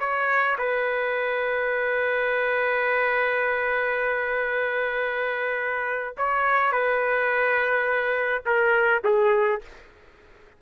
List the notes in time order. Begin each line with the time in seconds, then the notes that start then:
0.00 C#5
0.58 B4
6.17 C#5
6.72 B4
8.46 A#4
9.04 G#4